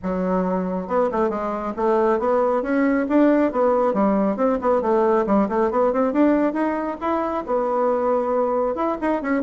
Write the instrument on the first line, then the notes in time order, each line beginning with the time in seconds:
bassoon
0.03 F#3
0.87 B3
1.11 A3
1.29 G#3
1.76 A3
2.19 B3
2.62 C#4
3.09 D4
3.52 B3
3.93 G3
4.36 C4
4.61 B3
4.81 A3
5.26 G3
5.48 A3
5.71 B3
5.92 C4
6.12 D4
6.53 D#4
7.00 E4
7.46 B3
8.75 E4
9.01 D#4
9.22 C#4